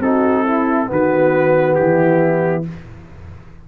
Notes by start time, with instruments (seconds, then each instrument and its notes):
0.00 tuba C4, trombone D#4, horn F#4, trumpet A4
0.44 horn E4, trombone E4
0.87 tuba D#3, trombone B3, horn F#4
0.93 trumpet B4
1.75 tuba E3, horn E4, trumpet G4